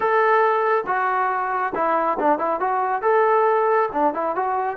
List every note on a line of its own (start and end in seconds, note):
0.00 0.84 A4
0.86 1.73 F#4
1.74 2.18 E4
2.19 2.38 D4
2.38 2.60 E4
2.60 3.02 F#4
3.02 3.89 A4
3.92 4.14 D4
4.14 4.35 E4
4.35 4.76 F#4